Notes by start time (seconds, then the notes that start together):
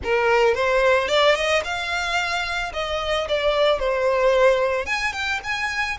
0.03 A#4
0.54 C5
1.08 D5
1.35 D#5
1.64 F5
2.73 D#5
3.28 D5
3.79 C5
4.86 G#5
5.12 G5
5.43 G#5